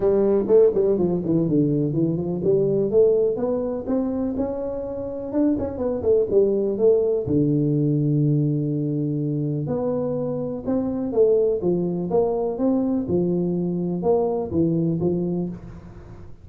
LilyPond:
\new Staff \with { instrumentName = "tuba" } { \time 4/4 \tempo 4 = 124 g4 a8 g8 f8 e8 d4 | e8 f8 g4 a4 b4 | c'4 cis'2 d'8 cis'8 | b8 a8 g4 a4 d4~ |
d1 | b2 c'4 a4 | f4 ais4 c'4 f4~ | f4 ais4 e4 f4 | }